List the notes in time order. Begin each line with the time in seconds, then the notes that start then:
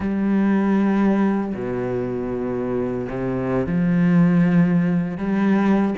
0.00 G3
1.53 B2
3.09 C3
3.66 F3
5.17 G3